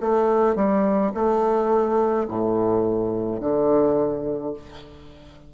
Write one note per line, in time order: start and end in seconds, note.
0.00 0.55 A3
0.55 1.12 G3
1.14 2.27 A3
2.28 3.40 A2
3.40 4.53 D3